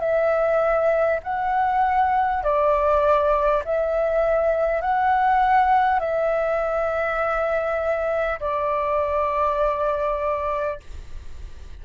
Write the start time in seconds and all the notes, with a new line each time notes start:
0.00 E5
1.23 F#5
2.44 D5
3.65 E5
4.82 F#5
6.00 E5
8.41 D5